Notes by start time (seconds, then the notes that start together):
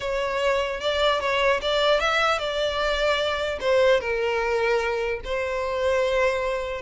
0.00 C#5
0.80 D5
1.20 C#5
1.61 D5
2.00 E5
2.38 D5
3.60 C5
4.00 A#4
5.24 C5